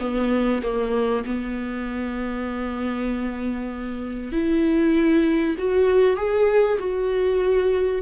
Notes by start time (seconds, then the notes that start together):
0.00 B3
0.63 A#3
1.26 B3
4.32 E4
5.58 F#4
6.17 G#4
6.79 F#4